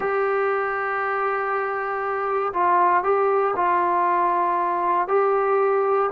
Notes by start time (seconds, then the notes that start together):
0.00 G4
2.53 F4
3.03 G4
3.56 F4
5.08 G4